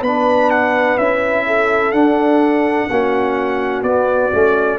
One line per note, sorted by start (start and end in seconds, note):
0.00 0.96 B3
0.00 0.99 D4
0.00 1.43 B4
0.00 0.50 B5
0.50 0.97 F#5
0.97 1.92 C#4
0.97 1.94 E4
0.97 1.91 E5
1.46 2.89 A4
1.91 2.87 D4
1.91 2.89 D4
1.91 3.82 F#5
2.89 3.82 A#3
2.89 3.85 C#4
2.89 4.79 F#4
3.82 4.29 B3
3.82 4.32 B3
3.82 4.78 D5
4.32 4.79 A3
4.32 4.79 C#4